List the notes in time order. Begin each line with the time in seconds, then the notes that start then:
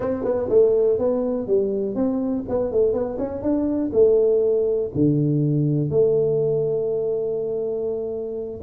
0.00 C4
0.23 B3
0.49 A3
0.98 B3
1.47 G3
1.95 C4
2.49 B3
2.71 A3
2.93 B3
3.18 C#4
3.42 D4
3.92 A3
4.94 D3
5.89 A3